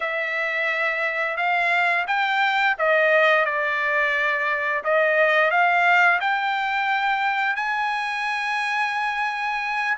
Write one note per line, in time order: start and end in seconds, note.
0.00 1.36 E5
1.36 2.05 F5
2.07 2.76 G5
2.78 3.45 D#5
3.45 4.83 D5
4.83 5.50 D#5
5.50 6.19 F5
6.20 7.55 G5
7.55 9.97 G#5